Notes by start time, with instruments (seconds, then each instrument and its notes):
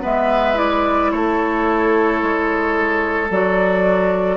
0.00 bassoon G#3, clarinet B3, oboe B4, flute E5
0.54 clarinet E4, flute D5
1.11 bassoon A3, oboe A4, flute C#5
2.22 bassoon G#3
3.30 bassoon F#3, clarinet F#4, flute D5